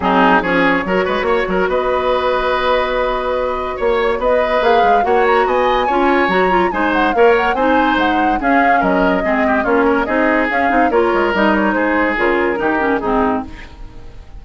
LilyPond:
<<
  \new Staff \with { instrumentName = "flute" } { \time 4/4 \tempo 4 = 143 gis'4 cis''2. | dis''1~ | dis''4 cis''4 dis''4 f''4 | fis''8 ais''8 gis''2 ais''4 |
gis''8 fis''8 f''8 fis''8 gis''4 fis''4 | f''4 dis''2 cis''4 | dis''4 f''4 cis''4 dis''8 cis''8 | c''4 ais'2 gis'4 | }
  \new Staff \with { instrumentName = "oboe" } { \time 4/4 dis'4 gis'4 ais'8 b'8 cis''8 ais'8 | b'1~ | b'4 cis''4 b'2 | cis''4 dis''4 cis''2 |
c''4 cis''4 c''2 | gis'4 ais'4 gis'8 g'8 f'8 ais'8 | gis'2 ais'2 | gis'2 g'4 dis'4 | }
  \new Staff \with { instrumentName = "clarinet" } { \time 4/4 c'4 cis'4 fis'2~ | fis'1~ | fis'2. gis'4 | fis'2 f'4 fis'8 f'8 |
dis'4 ais'4 dis'2 | cis'2 c'4 cis'4 | dis'4 cis'8 dis'8 f'4 dis'4~ | dis'4 f'4 dis'8 cis'8 c'4 | }
  \new Staff \with { instrumentName = "bassoon" } { \time 4/4 fis4 f4 fis8 gis8 ais8 fis8 | b1~ | b4 ais4 b4 ais8 gis8 | ais4 b4 cis'4 fis4 |
gis4 ais4 c'4 gis4 | cis'4 fis4 gis4 ais4 | c'4 cis'8 c'8 ais8 gis8 g4 | gis4 cis4 dis4 gis,4 | }
>>